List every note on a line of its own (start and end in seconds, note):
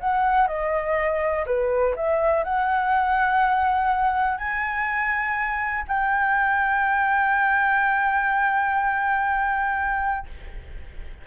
0.00 0.47 F#5
0.47 1.45 D#5
1.46 1.95 B4
1.96 2.44 E5
2.44 4.38 F#5
4.38 5.84 G#5
5.88 10.27 G5